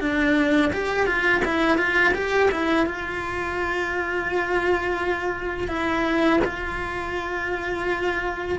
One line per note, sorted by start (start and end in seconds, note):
0.00 0.71 D4
0.72 1.06 G4
1.06 1.42 F4
1.44 1.77 E4
1.77 2.13 F4
2.14 2.49 G4
2.51 2.86 E4
2.86 5.68 F4
5.68 6.39 E4
6.44 8.58 F4